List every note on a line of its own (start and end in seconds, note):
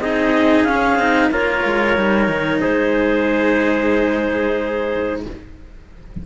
0.00 0.65 C4
0.00 0.68 D#4
0.00 1.31 G#4
0.00 0.64 D#5
0.64 0.96 C#4
0.64 1.00 C#4
0.64 1.29 F5
0.96 1.29 C4
0.96 1.32 D#4
1.31 1.64 A#3
1.31 1.97 F4
1.31 2.61 A#4
1.31 2.61 C#5
1.65 1.97 G#3
1.97 2.28 G3
1.97 5.23 D#4
2.28 2.61 D#3
2.61 5.26 G#3
2.61 5.21 G#4
2.61 5.22 C5